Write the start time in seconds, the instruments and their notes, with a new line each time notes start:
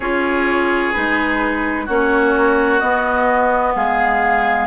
0.00 bassoon C#4, clarinet F4, oboe G#4, flute C#5
0.93 bassoon G#3, clarinet D#4, flute B4
1.85 bassoon A#3, clarinet C#4, oboe F#4, flute C#5
2.79 clarinet B3, bassoon B3, flute D#5
3.75 bassoon G#3, oboe G#4, flute F5